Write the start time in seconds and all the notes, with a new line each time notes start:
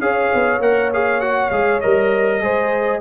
0.00 C#4 G#4 C#5 F5
0.34 B3
0.59 A#3 A#4 F#5
0.94 G#4 F5
1.21 F#4 F#5
1.51 G#3 G#4 F5
1.81 G3 A#4 D#5
2.42 G#3 G#4 C5